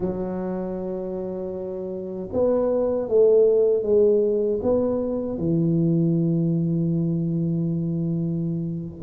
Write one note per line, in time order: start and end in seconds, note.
0.00 2.29 F#3
2.33 3.08 B3
3.08 3.82 A3
3.82 4.59 G#3
4.62 5.38 B3
5.38 9.02 E3